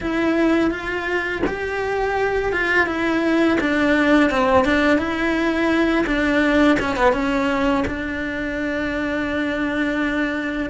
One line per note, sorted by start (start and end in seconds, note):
0.00 0.70 E4
0.70 1.42 F4
1.46 2.52 G4
2.52 2.86 F4
2.86 3.57 E4
3.60 4.30 D4
4.30 4.64 C4
4.64 4.97 D4
4.97 6.05 E4
6.06 6.78 D4
6.79 6.96 C#4
6.96 7.12 B3
7.12 7.84 C#4
7.87 10.69 D4